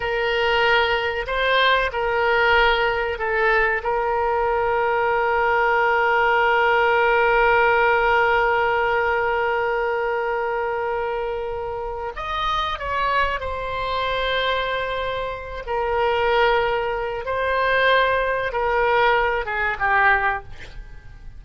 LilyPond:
\new Staff \with { instrumentName = "oboe" } { \time 4/4 \tempo 4 = 94 ais'2 c''4 ais'4~ | ais'4 a'4 ais'2~ | ais'1~ | ais'1~ |
ais'2. dis''4 | cis''4 c''2.~ | c''8 ais'2~ ais'8 c''4~ | c''4 ais'4. gis'8 g'4 | }